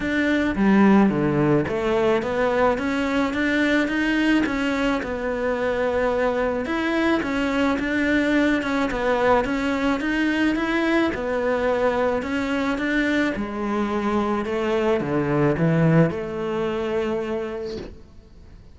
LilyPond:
\new Staff \with { instrumentName = "cello" } { \time 4/4 \tempo 4 = 108 d'4 g4 d4 a4 | b4 cis'4 d'4 dis'4 | cis'4 b2. | e'4 cis'4 d'4. cis'8 |
b4 cis'4 dis'4 e'4 | b2 cis'4 d'4 | gis2 a4 d4 | e4 a2. | }